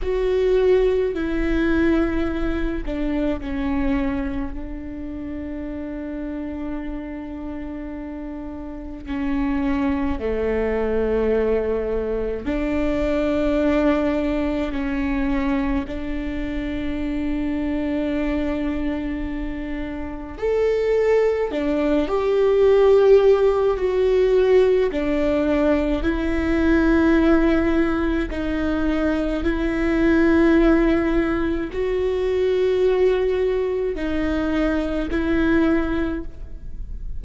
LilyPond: \new Staff \with { instrumentName = "viola" } { \time 4/4 \tempo 4 = 53 fis'4 e'4. d'8 cis'4 | d'1 | cis'4 a2 d'4~ | d'4 cis'4 d'2~ |
d'2 a'4 d'8 g'8~ | g'4 fis'4 d'4 e'4~ | e'4 dis'4 e'2 | fis'2 dis'4 e'4 | }